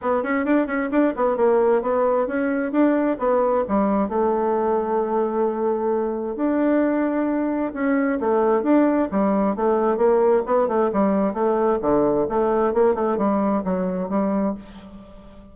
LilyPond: \new Staff \with { instrumentName = "bassoon" } { \time 4/4 \tempo 4 = 132 b8 cis'8 d'8 cis'8 d'8 b8 ais4 | b4 cis'4 d'4 b4 | g4 a2.~ | a2 d'2~ |
d'4 cis'4 a4 d'4 | g4 a4 ais4 b8 a8 | g4 a4 d4 a4 | ais8 a8 g4 fis4 g4 | }